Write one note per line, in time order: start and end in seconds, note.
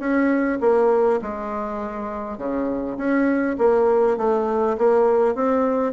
0.00 0.59 C#4
0.61 1.21 A#3
1.22 2.38 G#3
2.38 2.98 C#3
2.98 3.57 C#4
3.59 4.18 A#3
4.18 4.77 A3
4.78 5.35 A#3
5.35 5.94 C4